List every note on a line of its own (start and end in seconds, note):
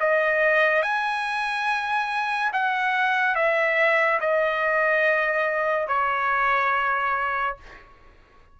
0.00 0.82 D#5
0.82 2.51 G#5
2.53 3.35 F#5
3.35 4.20 E5
4.21 5.88 D#5
5.88 7.57 C#5